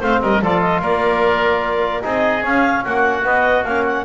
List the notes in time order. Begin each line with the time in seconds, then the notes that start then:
0.00 A3 C4 C5 F5
0.22 G3 A#4 D#5
0.42 F3 F4 A4 D5
0.61 D#5
0.82 A#3 A#4 D5
2.02 C4 D#4 G#4 D#5
2.42 C#4 F5
2.84 A#3 F#4 F#5
3.24 B3 D#5
3.65 A#3 C#4 F5
3.86 F#5